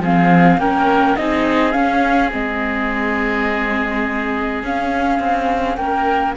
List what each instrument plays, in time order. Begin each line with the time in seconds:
0.00 cello F3, viola C4, oboe G#4, flute F5
0.58 cello A#3, viola C#4, oboe A#4, flute G5
1.17 cello C4, viola D#4, oboe G#4, flute D#5
1.72 viola C#4, cello C#4, flute F5
2.32 cello G#3, viola C4, flute D#5
4.64 cello C#4, viola C#4, flute F5
5.20 cello C4
5.76 cello A#3, oboe A#4, flute G5